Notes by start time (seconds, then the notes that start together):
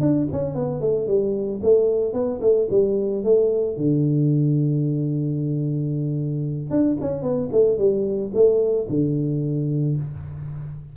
0.00 D4
0.32 C#4
0.55 B3
0.80 A3
1.07 G3
1.62 A3
2.13 B3
2.41 A3
2.70 G3
3.24 A3
3.76 D3
6.70 D4
7.01 C#4
7.22 B3
7.51 A3
7.78 G3
8.34 A3
8.89 D3